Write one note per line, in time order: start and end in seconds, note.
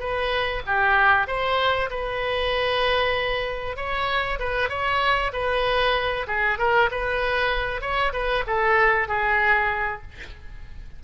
0.00 0.62 B4
0.67 1.28 G4
1.28 1.90 C5
1.90 3.77 B4
3.77 4.39 C#5
4.39 4.70 B4
4.70 5.32 C#5
5.33 6.27 B4
6.28 6.59 G#4
6.59 6.90 A#4
6.92 7.82 B4
7.82 8.13 C#5
8.13 8.45 B4
8.47 9.09 A4
9.09 10.02 G#4